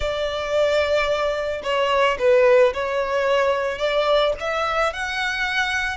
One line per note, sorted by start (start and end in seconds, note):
0.00 1.62 D5
1.63 2.17 C#5
2.18 2.73 B4
2.73 3.78 C#5
3.78 4.33 D5
4.40 4.93 E5
4.93 5.97 F#5